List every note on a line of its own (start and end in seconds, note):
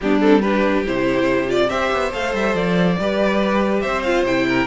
0.01 0.86 G3
0.01 0.21 B3
0.01 0.41 D4
0.01 0.20 G4
0.20 0.42 C4
0.20 0.41 A4
0.41 0.85 D4
0.41 1.69 G4
0.41 0.84 B4
0.85 1.70 C3
0.85 1.47 E4
0.85 1.50 C5
1.47 1.68 F4
1.47 1.69 D5
1.68 1.91 C4
1.68 2.11 G4
1.68 2.97 C5
1.68 2.12 E5
1.92 2.13 B3
2.12 2.33 A3
2.12 2.97 A4
2.12 2.34 F5
2.33 2.54 G3
2.33 2.55 E5
2.54 2.97 F3
2.54 3.80 D5
2.98 3.84 G3
2.98 4.05 G4
2.98 3.82 B4
3.80 4.23 C4
3.80 4.46 C5
3.80 4.02 E5
4.02 4.26 F4
4.02 4.24 F5
4.23 4.65 C3
4.23 4.66 E4
4.23 4.66 G5
4.48 4.66 A#4